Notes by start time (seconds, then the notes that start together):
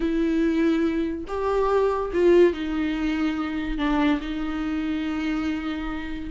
0.00 E4
1.27 G4
2.13 F4
2.53 D#4
3.78 D4
4.21 D#4